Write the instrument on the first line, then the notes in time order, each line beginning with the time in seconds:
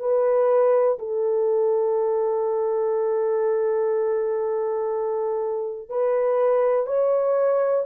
horn
0.00 B4
0.99 A4
5.90 B4
6.87 C#5